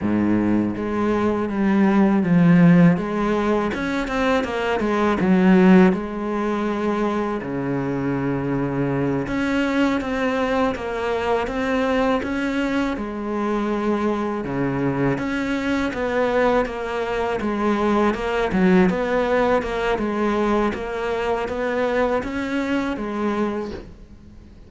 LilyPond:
\new Staff \with { instrumentName = "cello" } { \time 4/4 \tempo 4 = 81 gis,4 gis4 g4 f4 | gis4 cis'8 c'8 ais8 gis8 fis4 | gis2 cis2~ | cis8 cis'4 c'4 ais4 c'8~ |
c'8 cis'4 gis2 cis8~ | cis8 cis'4 b4 ais4 gis8~ | gis8 ais8 fis8 b4 ais8 gis4 | ais4 b4 cis'4 gis4 | }